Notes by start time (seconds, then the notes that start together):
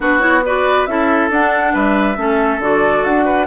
0.00 B3 D4 F#4 B4
0.18 E4 C#5
0.45 F#4 B4 D5
0.85 C#4 E4 A4 E5
1.30 D4 F#5
1.73 G3 B4 E5
2.16 A3 C#4 A4
2.58 D3 F#4 D5
3.04 D4 F#5
3.25 B4